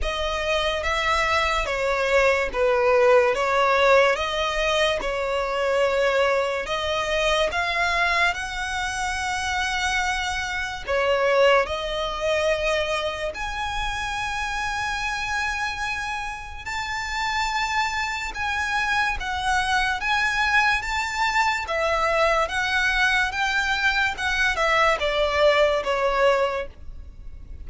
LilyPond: \new Staff \with { instrumentName = "violin" } { \time 4/4 \tempo 4 = 72 dis''4 e''4 cis''4 b'4 | cis''4 dis''4 cis''2 | dis''4 f''4 fis''2~ | fis''4 cis''4 dis''2 |
gis''1 | a''2 gis''4 fis''4 | gis''4 a''4 e''4 fis''4 | g''4 fis''8 e''8 d''4 cis''4 | }